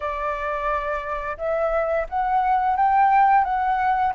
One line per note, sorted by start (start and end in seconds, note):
0.00 1.37 D5
1.37 2.06 E5
2.09 2.76 F#5
2.76 3.44 G5
3.44 4.13 F#5